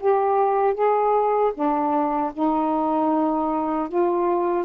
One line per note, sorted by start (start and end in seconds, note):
0.00 0.74 G4
0.74 1.52 G#4
1.54 2.32 D4
2.34 3.89 D#4
3.89 4.65 F4